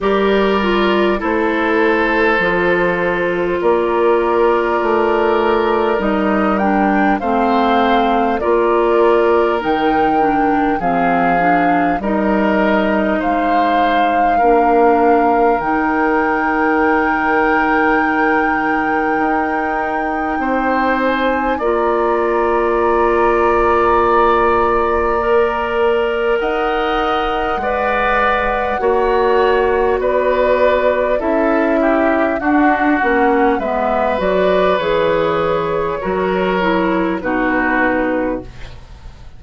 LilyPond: <<
  \new Staff \with { instrumentName = "flute" } { \time 4/4 \tempo 4 = 50 d''4 c''2 d''4~ | d''4 dis''8 g''8 f''4 d''4 | g''4 f''4 dis''4 f''4~ | f''4 g''2.~ |
g''4. gis''8 ais''2~ | ais''2 fis''2~ | fis''4 d''4 e''4 fis''4 | e''8 d''8 cis''2 b'4 | }
  \new Staff \with { instrumentName = "oboe" } { \time 4/4 ais'4 a'2 ais'4~ | ais'2 c''4 ais'4~ | ais'4 gis'4 ais'4 c''4 | ais'1~ |
ais'4 c''4 d''2~ | d''2 dis''4 d''4 | cis''4 b'4 a'8 g'8 fis'4 | b'2 ais'4 fis'4 | }
  \new Staff \with { instrumentName = "clarinet" } { \time 4/4 g'8 f'8 e'4 f'2~ | f'4 dis'8 d'8 c'4 f'4 | dis'8 d'8 c'8 d'8 dis'2 | d'4 dis'2.~ |
dis'2 f'2~ | f'4 ais'2 b'4 | fis'2 e'4 d'8 cis'8 | b8 fis'8 gis'4 fis'8 e'8 dis'4 | }
  \new Staff \with { instrumentName = "bassoon" } { \time 4/4 g4 a4 f4 ais4 | a4 g4 a4 ais4 | dis4 f4 g4 gis4 | ais4 dis2. |
dis'4 c'4 ais2~ | ais2 dis'4 gis4 | ais4 b4 cis'4 d'8 ais8 | gis8 fis8 e4 fis4 b,4 | }
>>